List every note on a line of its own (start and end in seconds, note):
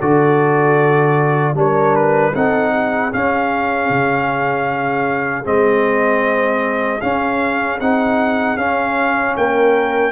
0.00 1.54 D3
0.00 1.54 F#4
0.00 1.56 A4
0.00 1.56 D5
1.54 2.32 G3
1.54 2.32 D4
1.54 2.35 A#4
1.54 1.95 C#5
1.95 2.34 B4
2.33 3.12 C4
2.33 3.11 D#4
2.33 2.72 A4
2.33 3.12 F#5
2.72 9.34 G#4
3.12 5.44 C#4
3.12 3.89 C#4
3.12 5.46 F5
3.89 5.45 C#3
5.44 7.01 G#3
5.44 7.00 C4
5.44 7.01 D#5
7.01 7.79 C#4
7.01 7.80 C#4
7.01 7.79 F5
7.80 8.56 C4
7.80 8.58 D#4
7.80 8.57 F#5
8.56 9.34 C#4
8.56 10.12 C#4
8.56 9.35 F5
9.36 10.12 A#3
9.36 10.12 A#4
9.36 10.12 G5